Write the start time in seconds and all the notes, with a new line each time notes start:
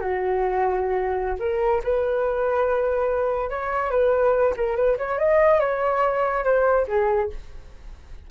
0.00 F#4
1.39 A#4
1.83 B4
3.49 C#5
3.90 B4
4.56 A#4
4.76 B4
4.97 C#5
5.18 D#5
5.59 C#5
6.44 C5
6.87 G#4